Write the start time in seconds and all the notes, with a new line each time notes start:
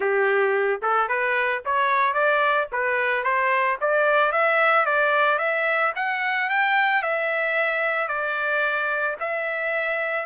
0.00 G4
0.82 A4
1.08 B4
1.65 C#5
2.13 D5
2.71 B4
3.23 C5
3.80 D5
4.31 E5
4.85 D5
5.38 E5
5.95 F#5
6.49 G5
7.02 E5
8.08 D5
9.20 E5